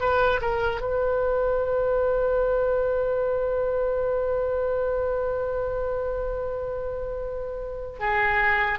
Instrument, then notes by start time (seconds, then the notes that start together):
oboe
0.00 B4
0.41 A#4
0.81 B4
7.99 G#4